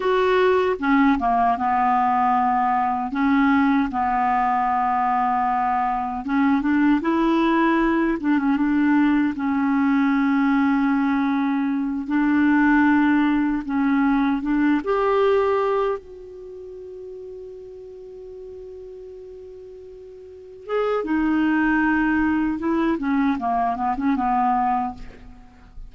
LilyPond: \new Staff \with { instrumentName = "clarinet" } { \time 4/4 \tempo 4 = 77 fis'4 cis'8 ais8 b2 | cis'4 b2. | cis'8 d'8 e'4. d'16 cis'16 d'4 | cis'2.~ cis'8 d'8~ |
d'4. cis'4 d'8 g'4~ | g'8 fis'2.~ fis'8~ | fis'2~ fis'8 gis'8 dis'4~ | dis'4 e'8 cis'8 ais8 b16 cis'16 b4 | }